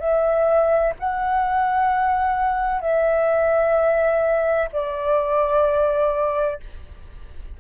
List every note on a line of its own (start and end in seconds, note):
0.00 0.94 E5
1.00 2.82 F#5
2.82 4.69 E5
4.73 6.61 D5